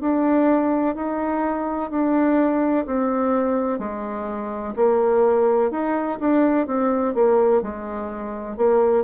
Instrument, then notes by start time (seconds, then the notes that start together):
bassoon
0.00 D4
0.95 D#4
1.90 D4
2.86 C4
3.78 G#3
4.76 A#3
5.71 D#4
6.19 D4
6.67 C4
7.14 A#3
7.62 G#3
8.57 A#3